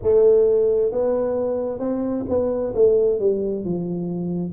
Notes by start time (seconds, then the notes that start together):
0.02 A3
0.91 B3
1.79 C4
2.28 B3
2.74 A3
3.19 G3
3.64 F3